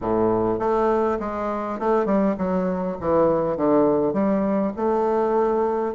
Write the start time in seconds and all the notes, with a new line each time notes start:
0.01 A2
0.59 A3
1.19 G#3
1.79 A3
2.05 G3
2.38 F#3
3.00 E3
3.56 D3
4.13 G3
4.76 A3